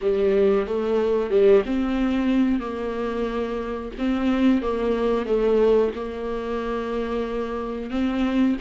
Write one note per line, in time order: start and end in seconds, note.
0.01 0.66 G3
0.66 1.30 A3
1.30 1.63 G3
1.65 2.60 C4
2.60 3.91 A#3
3.98 4.62 C4
4.62 5.25 A#3
5.25 5.91 A3
5.95 7.90 A#3
7.90 8.56 C4